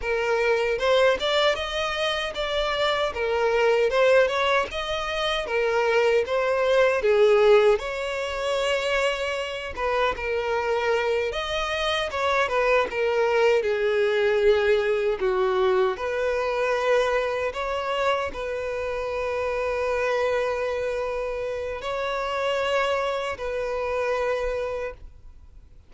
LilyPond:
\new Staff \with { instrumentName = "violin" } { \time 4/4 \tempo 4 = 77 ais'4 c''8 d''8 dis''4 d''4 | ais'4 c''8 cis''8 dis''4 ais'4 | c''4 gis'4 cis''2~ | cis''8 b'8 ais'4. dis''4 cis''8 |
b'8 ais'4 gis'2 fis'8~ | fis'8 b'2 cis''4 b'8~ | b'1 | cis''2 b'2 | }